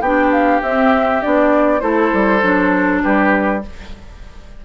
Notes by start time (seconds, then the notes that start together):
0.00 B3 D4 G4 G5
0.32 F5
0.62 C4 E5
1.22 B3 D4 D5
1.80 A3 E4 A4 C5
2.13 G3
2.41 F#3 D4
3.03 G3 G4 B4